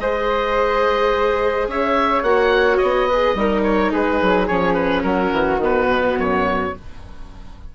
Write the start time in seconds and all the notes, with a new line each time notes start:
0.00 G#3 G#4 C5 D#5
1.68 C#4 C#5 E5
2.23 A#3 F#4 F#5
2.78 B3 D#5
3.08 G#4 B4
3.35 G3 D#4 A#4
3.64 C#5
3.93 G#3 G#4 B4
4.22 F#3
4.48 F3 C#4 C#5
4.75 B4
5.03 F#3 F#4 A#4
5.32 E3
5.57 D#3 B3
5.64 B4
5.89 B2
6.17 F#2 C#5